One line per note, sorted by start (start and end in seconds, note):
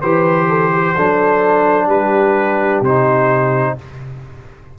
0.00 0.97 E3
0.00 0.97 G4
0.00 0.47 B4
0.00 1.88 C5
0.49 0.72 A4
0.73 0.96 G4
0.96 1.89 F#3
0.96 2.84 D4
0.96 1.87 A4
1.87 2.81 G3
1.87 3.74 G4
1.87 2.83 B4
2.81 3.74 C3
2.81 3.79 D#4
2.81 3.78 C5